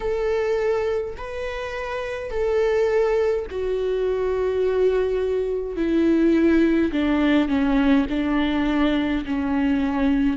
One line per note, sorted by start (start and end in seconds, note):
0.00 1.15 A4
1.17 2.30 B4
2.30 3.45 A4
3.50 5.76 F#4
5.76 6.91 E4
6.92 7.48 D4
7.48 8.06 C#4
8.09 9.25 D4
9.25 10.37 C#4